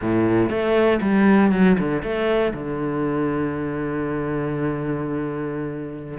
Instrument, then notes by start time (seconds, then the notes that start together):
cello
0.01 A2
0.49 A3
1.01 G3
1.51 F#3
1.79 D3
2.03 A3
2.53 D3